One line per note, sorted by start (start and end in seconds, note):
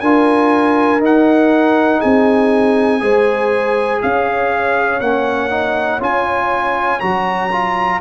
0.00 1.00 D4
0.00 1.00 F4
0.00 1.99 A#4
0.00 1.00 G#5
1.00 2.00 D#4
1.00 3.00 D#4
1.00 2.01 F#5
1.99 3.01 C4
1.99 2.99 G#4
1.99 4.01 G#5
3.00 4.01 G#3
3.00 5.00 G#4
3.00 4.02 C5
4.02 5.00 C#4
4.02 8.00 C#5
4.02 5.00 F5
5.00 6.00 A#3
5.00 5.50 C#4
5.00 6.00 F#5
5.50 6.00 D#4
6.00 7.01 C#4
6.00 7.00 F4
6.00 7.00 G#5
7.00 8.00 F#3
7.00 7.50 F#4
7.00 8.00 A#5
7.51 8.00 F4